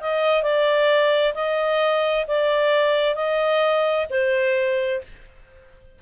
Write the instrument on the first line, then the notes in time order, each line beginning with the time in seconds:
clarinet
0.00 D#5
0.42 D5
1.34 D#5
2.27 D5
3.15 D#5
4.10 C5